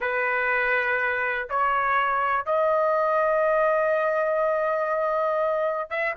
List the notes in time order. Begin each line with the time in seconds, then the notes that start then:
0.00 B4
1.49 C#5
2.45 D#5
5.89 E5